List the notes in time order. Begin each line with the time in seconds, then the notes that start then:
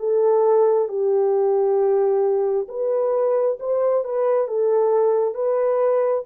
0.00 A4
0.89 G4
2.69 B4
3.60 C5
4.05 B4
4.48 A4
5.35 B4